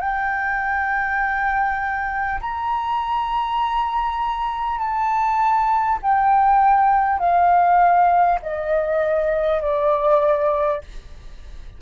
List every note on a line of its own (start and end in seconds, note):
0.00 2.40 G5
2.40 4.78 A#5
4.78 5.98 A5
6.02 7.19 G5
7.19 8.39 F5
8.42 9.61 D#5
9.61 10.81 D5